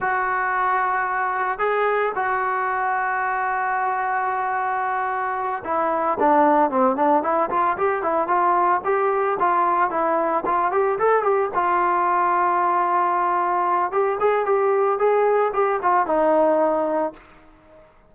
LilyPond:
\new Staff \with { instrumentName = "trombone" } { \time 4/4 \tempo 4 = 112 fis'2. gis'4 | fis'1~ | fis'2~ fis'8 e'4 d'8~ | d'8 c'8 d'8 e'8 f'8 g'8 e'8 f'8~ |
f'8 g'4 f'4 e'4 f'8 | g'8 a'8 g'8 f'2~ f'8~ | f'2 g'8 gis'8 g'4 | gis'4 g'8 f'8 dis'2 | }